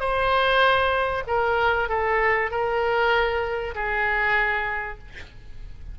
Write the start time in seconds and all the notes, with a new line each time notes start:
0.00 C5
1.27 A#4
1.89 A4
2.51 A#4
3.75 G#4